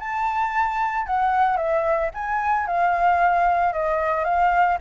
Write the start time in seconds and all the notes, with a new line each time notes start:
0.00 A5
1.07 F#5
1.57 E5
2.15 G#5
2.67 F5
3.73 D#5
4.25 F5